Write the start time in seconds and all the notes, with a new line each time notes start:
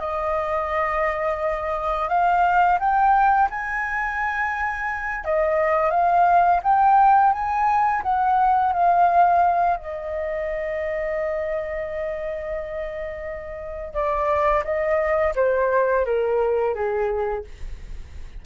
0.00 D#5
2.09 F5
2.80 G5
3.51 G#5
5.25 D#5
5.91 F5
6.63 G5
7.33 G#5
8.03 F#5
8.73 F5
9.77 D#5
13.94 D5
14.64 D#5
15.36 C5
16.06 A#4
16.75 G#4